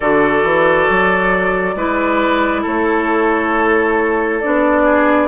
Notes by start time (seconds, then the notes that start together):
0.00 D3 F#4 A4 D5
0.43 E3
0.89 F#3
1.75 G#3 E4 B4
2.62 A3 A4 C#5
4.40 B3 D4 D5
4.83 G#4